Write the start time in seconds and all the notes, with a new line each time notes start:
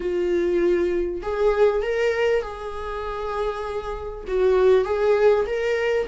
0.00 F4
1.22 G#4
1.82 A#4
2.42 G#4
4.27 F#4
4.85 G#4
5.46 A#4